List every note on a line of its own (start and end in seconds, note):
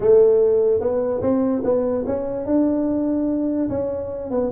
0.00 0.80 A3
0.80 1.21 B3
1.21 1.62 C4
1.64 2.05 B3
2.06 2.45 C#4
2.45 3.68 D4
3.69 4.30 C#4
4.31 4.51 B3